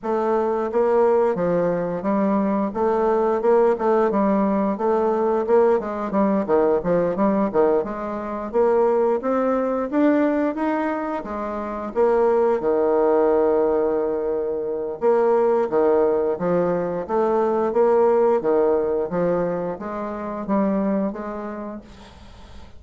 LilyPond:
\new Staff \with { instrumentName = "bassoon" } { \time 4/4 \tempo 4 = 88 a4 ais4 f4 g4 | a4 ais8 a8 g4 a4 | ais8 gis8 g8 dis8 f8 g8 dis8 gis8~ | gis8 ais4 c'4 d'4 dis'8~ |
dis'8 gis4 ais4 dis4.~ | dis2 ais4 dis4 | f4 a4 ais4 dis4 | f4 gis4 g4 gis4 | }